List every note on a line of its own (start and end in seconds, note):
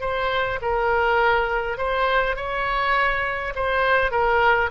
0.00 0.59 C5
0.61 1.77 A#4
1.77 2.36 C5
2.36 3.53 C#5
3.55 4.11 C5
4.11 4.70 A#4